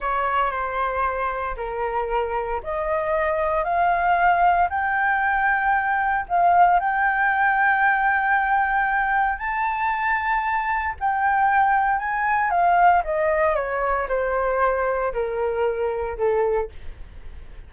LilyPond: \new Staff \with { instrumentName = "flute" } { \time 4/4 \tempo 4 = 115 cis''4 c''2 ais'4~ | ais'4 dis''2 f''4~ | f''4 g''2. | f''4 g''2.~ |
g''2 a''2~ | a''4 g''2 gis''4 | f''4 dis''4 cis''4 c''4~ | c''4 ais'2 a'4 | }